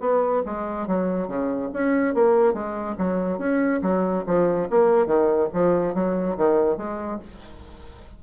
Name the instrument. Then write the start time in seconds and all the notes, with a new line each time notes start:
bassoon
0.00 B3
0.46 G#3
0.87 F#3
1.28 C#3
1.73 C#4
2.14 A#3
2.53 G#3
2.98 F#3
3.38 C#4
3.82 F#3
4.26 F3
4.70 A#3
5.06 D#3
5.53 F3
5.94 F#3
6.37 D#3
6.77 G#3